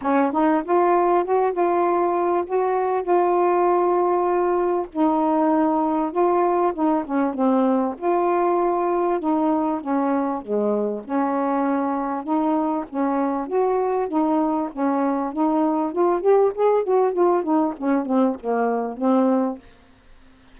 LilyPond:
\new Staff \with { instrumentName = "saxophone" } { \time 4/4 \tempo 4 = 98 cis'8 dis'8 f'4 fis'8 f'4. | fis'4 f'2. | dis'2 f'4 dis'8 cis'8 | c'4 f'2 dis'4 |
cis'4 gis4 cis'2 | dis'4 cis'4 fis'4 dis'4 | cis'4 dis'4 f'8 g'8 gis'8 fis'8 | f'8 dis'8 cis'8 c'8 ais4 c'4 | }